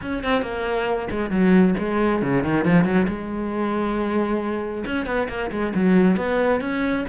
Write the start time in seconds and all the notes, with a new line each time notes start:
0.01 C#4
0.23 C4
0.42 A#3
1.10 G#3
1.30 F#3
1.78 G#3
2.21 C#3
2.43 D#3
2.64 F3
2.84 F#3
3.08 G#3
4.85 C#4
5.06 B3
5.28 A#3
5.51 G#3
5.75 F#3
6.16 B3
6.61 C#4